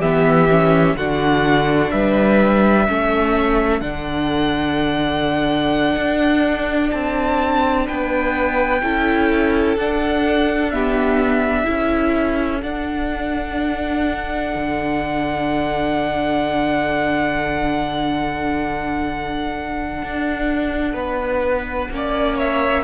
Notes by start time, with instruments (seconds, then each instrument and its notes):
0.00 cello E3, viola B3, violin G4 E5
0.50 viola C#4
0.97 cello D3, viola D4, violin F#4 F#5
1.91 cello G3, violin B4 E5
2.88 cello A3, viola C#4, violin A4
3.81 cello D3, viola D4, violin F#5
5.97 cello D4
6.92 cello C4, violin A5
7.87 cello B3, violin B4 G5
8.82 cello C#4, viola E4, violin A4
9.77 cello D4, viola D4, violin F#5
10.71 viola B3, violin G4 E5
11.65 cello C#4, viola E4, violin A4
12.63 viola D4, cello D4, violin F#5
14.55 cello D3
20.03 cello D4
20.94 cello B3, violin B4
21.91 cello A#3, viola C#4, violin D5
22.37 violin C#5 E5